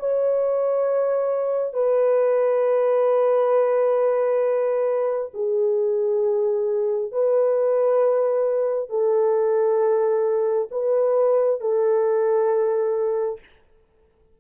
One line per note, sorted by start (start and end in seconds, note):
0.00 1.74 C#5
1.74 5.32 B4
5.34 7.12 G#4
7.12 8.90 B4
8.90 10.69 A4
10.71 11.61 B4
11.61 13.40 A4